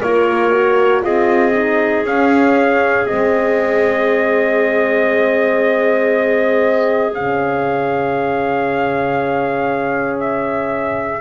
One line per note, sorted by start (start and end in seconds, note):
0.00 1.04 A#3
0.00 0.51 F4
0.00 1.02 A#4
0.00 1.03 C#5
0.51 1.01 F#4
1.01 2.04 C4
1.01 1.52 F4
1.01 11.19 G#4
1.01 2.06 D#5
1.55 2.06 D#4
2.04 3.05 C#4
2.04 3.07 C#4
2.04 3.07 F5
3.07 7.17 G#3
3.07 7.13 C4
3.07 7.13 D#5
7.14 11.21 C#3
7.14 11.21 C#4
7.14 10.19 F5
10.20 11.21 E5